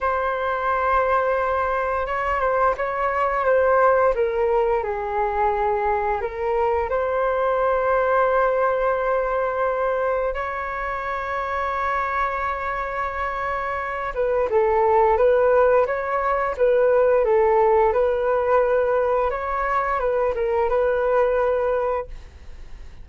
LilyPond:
\new Staff \with { instrumentName = "flute" } { \time 4/4 \tempo 4 = 87 c''2. cis''8 c''8 | cis''4 c''4 ais'4 gis'4~ | gis'4 ais'4 c''2~ | c''2. cis''4~ |
cis''1~ | cis''8 b'8 a'4 b'4 cis''4 | b'4 a'4 b'2 | cis''4 b'8 ais'8 b'2 | }